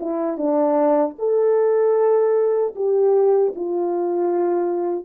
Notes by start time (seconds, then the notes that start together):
0.00 E4
0.38 D4
1.18 A4
2.76 G4
3.55 F4